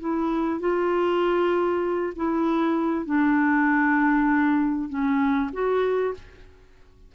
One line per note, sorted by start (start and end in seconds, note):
0.00 0.60 E4
0.60 2.13 F4
2.16 3.06 E4
3.06 4.89 D4
4.89 5.50 C#4
5.53 6.14 F#4